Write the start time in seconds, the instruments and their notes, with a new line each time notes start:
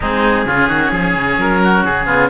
0.00 cello G#3 C4, oboe D#4 G#4
0.45 cello C#3 C#4, oboe F4
0.67 cello D#3, oboe F#4
0.91 cello F3, oboe G#4
1.14 cello C#3
1.37 cello F#3, oboe A#4
1.63 oboe F#4
1.84 cello C#3, oboe G#4
2.05 cello B3, oboe F4